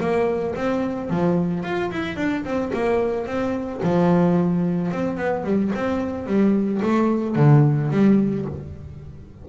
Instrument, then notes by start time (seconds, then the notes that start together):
double bass
0.00 A#3
0.55 C4
1.10 F3
1.63 F4
1.91 E4
2.16 D4
2.44 C4
2.73 A#3
3.26 C4
3.83 F3
4.91 C4
5.17 B3
5.44 G3
5.74 C4
6.26 G3
6.82 A3
7.35 D3
7.90 G3